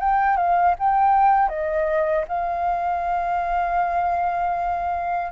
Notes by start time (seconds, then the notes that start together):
0.00 G5
0.37 F5
0.79 G5
1.49 D#5
2.28 F5